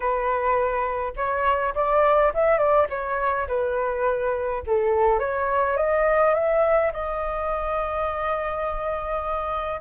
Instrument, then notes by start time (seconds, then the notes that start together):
flute
0.00 B4
1.16 C#5
1.75 D5
2.34 E5
2.58 D5
2.89 C#5
3.47 B4
4.66 A4
5.19 C#5
5.76 D#5
6.34 E5
6.92 D#5